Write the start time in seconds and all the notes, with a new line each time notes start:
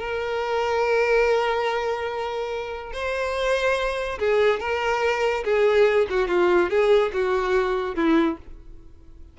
0.00 A#4
2.93 C5
4.20 G#4
4.60 A#4
5.45 G#4
6.10 F#4
6.28 F4
6.70 G#4
7.14 F#4
7.96 E4